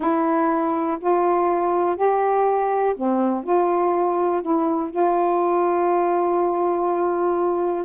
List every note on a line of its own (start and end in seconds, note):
0.00 0.98 E4
1.00 1.96 F4
1.96 2.95 G4
2.96 3.43 C4
3.43 4.42 F4
4.42 4.90 E4
4.90 7.85 F4